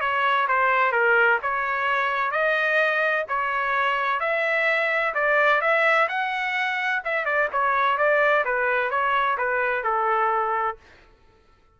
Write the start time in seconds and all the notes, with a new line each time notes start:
0.00 C#5
0.48 C5
0.92 A#4
1.42 C#5
2.31 D#5
3.28 C#5
4.20 E5
5.14 D5
5.61 E5
6.08 F#5
7.04 E5
7.25 D5
7.52 C#5
7.97 D5
8.44 B4
8.90 C#5
9.37 B4
9.83 A4